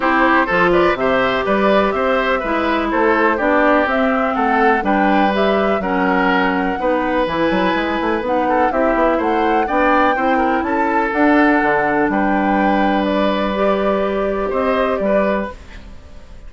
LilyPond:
<<
  \new Staff \with { instrumentName = "flute" } { \time 4/4 \tempo 4 = 124 c''4. d''8 e''4 d''4 | e''2 c''4 d''4 | e''4 fis''4 g''4 e''4 | fis''2. gis''4~ |
gis''4 fis''4 e''4 fis''4 | g''2 a''4 fis''4~ | fis''4 g''2 d''4~ | d''2 dis''4 d''4 | }
  \new Staff \with { instrumentName = "oboe" } { \time 4/4 g'4 a'8 b'8 c''4 b'4 | c''4 b'4 a'4 g'4~ | g'4 a'4 b'2 | ais'2 b'2~ |
b'4. a'8 g'4 c''4 | d''4 c''8 ais'8 a'2~ | a'4 b'2.~ | b'2 c''4 b'4 | }
  \new Staff \with { instrumentName = "clarinet" } { \time 4/4 e'4 f'4 g'2~ | g'4 e'2 d'4 | c'2 d'4 g'4 | cis'2 dis'4 e'4~ |
e'4 dis'4 e'2 | d'4 e'2 d'4~ | d'1 | g'1 | }
  \new Staff \with { instrumentName = "bassoon" } { \time 4/4 c'4 f4 c4 g4 | c'4 gis4 a4 b4 | c'4 a4 g2 | fis2 b4 e8 fis8 |
gis8 a8 b4 c'8 b8 a4 | b4 c'4 cis'4 d'4 | d4 g2.~ | g2 c'4 g4 | }
>>